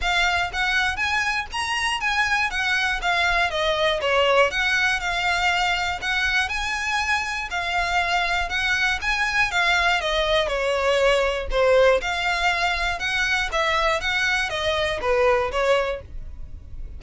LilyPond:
\new Staff \with { instrumentName = "violin" } { \time 4/4 \tempo 4 = 120 f''4 fis''4 gis''4 ais''4 | gis''4 fis''4 f''4 dis''4 | cis''4 fis''4 f''2 | fis''4 gis''2 f''4~ |
f''4 fis''4 gis''4 f''4 | dis''4 cis''2 c''4 | f''2 fis''4 e''4 | fis''4 dis''4 b'4 cis''4 | }